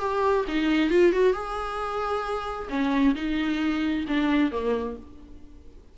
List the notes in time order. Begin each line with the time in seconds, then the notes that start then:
0.00 G4
0.48 D#4
0.90 F4
1.12 F#4
1.33 G#4
2.70 C#4
3.15 D#4
4.08 D4
4.52 A#3